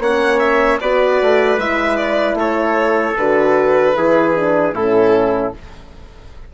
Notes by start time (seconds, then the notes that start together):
0.00 A#3 C#4 C#5 F#5
0.39 E5
0.81 B3 F#4 B4 D5
1.22 A3
1.58 G#3 E4 E5
1.97 D5
2.34 A3 A4 C#5
3.17 D3 F#4 B4
3.95 E3 E4 G#4
4.36 D4
4.74 A2 C#4 E4 A4